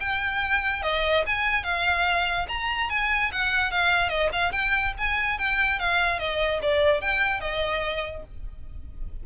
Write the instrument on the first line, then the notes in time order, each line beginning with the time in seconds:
violin
0.00 G5
0.83 D#5
1.26 G#5
1.64 F5
2.48 A#5
2.90 G#5
3.32 F#5
3.71 F5
4.09 D#5
4.32 F5
4.52 G5
4.98 G#5
5.38 G5
5.79 F5
6.19 D#5
6.62 D5
7.01 G5
7.41 D#5